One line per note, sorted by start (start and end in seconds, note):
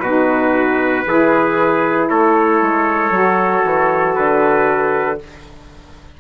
0.00 1.04 B2
0.00 1.06 D#4
0.00 1.06 F#4
0.00 2.07 B4
1.06 2.09 E3
1.06 3.11 E4
1.06 2.09 G#4
2.09 2.61 A3
2.09 5.20 A4
2.09 4.15 C#5
2.61 3.11 G#3
3.11 3.62 F#3
3.11 5.18 F#4
3.64 4.16 E3
4.15 5.20 D3
4.15 5.18 B4